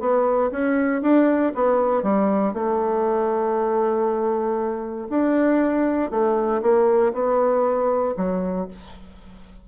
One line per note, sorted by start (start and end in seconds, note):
0.00 0.51 B3
0.51 1.02 C#4
1.02 1.53 D4
1.55 2.03 B3
2.03 2.54 G3
2.54 5.08 A3
5.10 6.11 D4
6.11 6.62 A3
6.62 7.13 A#3
7.13 8.15 B3
8.17 8.68 F#3